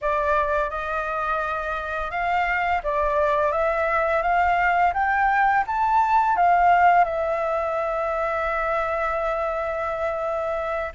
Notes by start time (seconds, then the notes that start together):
0.01 D5
0.70 D#5
2.10 F5
2.83 D5
3.52 E5
4.22 F5
4.93 G5
5.66 A5
6.36 F5
7.04 E5